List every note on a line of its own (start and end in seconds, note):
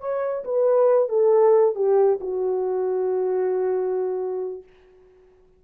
0.00 0.44 C#5
0.44 1.09 B4
1.09 1.75 A4
1.75 2.19 G4
2.20 4.63 F#4